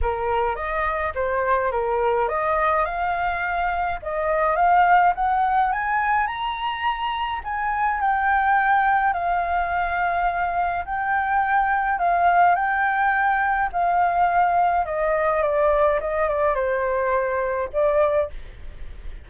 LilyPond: \new Staff \with { instrumentName = "flute" } { \time 4/4 \tempo 4 = 105 ais'4 dis''4 c''4 ais'4 | dis''4 f''2 dis''4 | f''4 fis''4 gis''4 ais''4~ | ais''4 gis''4 g''2 |
f''2. g''4~ | g''4 f''4 g''2 | f''2 dis''4 d''4 | dis''8 d''8 c''2 d''4 | }